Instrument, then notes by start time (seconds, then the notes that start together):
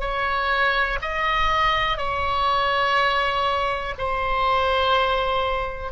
oboe
0.00 C#5
1.01 D#5
1.97 C#5
3.98 C5